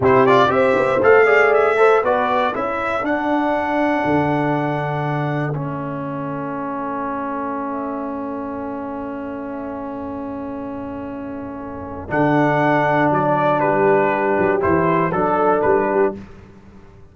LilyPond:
<<
  \new Staff \with { instrumentName = "trumpet" } { \time 4/4 \tempo 4 = 119 c''8 d''8 e''4 f''4 e''4 | d''4 e''4 fis''2~ | fis''2. e''4~ | e''1~ |
e''1~ | e''1 | fis''2 d''4 b'4~ | b'4 c''4 a'4 b'4 | }
  \new Staff \with { instrumentName = "horn" } { \time 4/4 g'4 c''4. d''4 c''8 | b'4 a'2.~ | a'1~ | a'1~ |
a'1~ | a'1~ | a'2. g'4~ | g'2 a'4. g'8 | }
  \new Staff \with { instrumentName = "trombone" } { \time 4/4 e'8 f'8 g'4 a'8 gis'4 a'8 | fis'4 e'4 d'2~ | d'2. cis'4~ | cis'1~ |
cis'1~ | cis'1 | d'1~ | d'4 e'4 d'2 | }
  \new Staff \with { instrumentName = "tuba" } { \time 4/4 c4 c'8 b8 a2 | b4 cis'4 d'2 | d2. a4~ | a1~ |
a1~ | a1 | d2 fis4 g4~ | g8 fis8 e4 fis4 g4 | }
>>